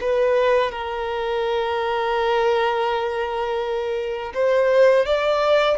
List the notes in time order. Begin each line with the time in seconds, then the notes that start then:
0.00 B4
0.71 A#4
4.34 C5
5.05 D5